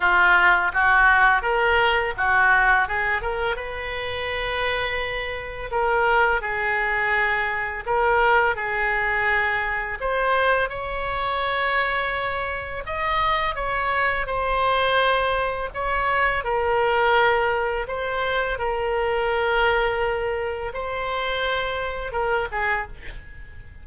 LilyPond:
\new Staff \with { instrumentName = "oboe" } { \time 4/4 \tempo 4 = 84 f'4 fis'4 ais'4 fis'4 | gis'8 ais'8 b'2. | ais'4 gis'2 ais'4 | gis'2 c''4 cis''4~ |
cis''2 dis''4 cis''4 | c''2 cis''4 ais'4~ | ais'4 c''4 ais'2~ | ais'4 c''2 ais'8 gis'8 | }